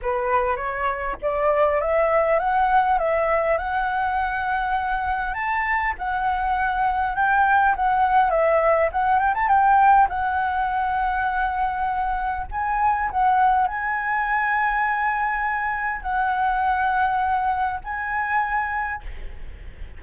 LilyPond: \new Staff \with { instrumentName = "flute" } { \time 4/4 \tempo 4 = 101 b'4 cis''4 d''4 e''4 | fis''4 e''4 fis''2~ | fis''4 a''4 fis''2 | g''4 fis''4 e''4 fis''8 g''16 a''16 |
g''4 fis''2.~ | fis''4 gis''4 fis''4 gis''4~ | gis''2. fis''4~ | fis''2 gis''2 | }